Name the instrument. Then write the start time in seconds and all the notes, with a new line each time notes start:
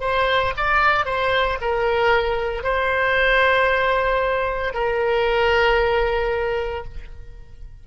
oboe
0.00 C5
0.57 D5
1.05 C5
1.61 A#4
2.63 C5
4.74 A#4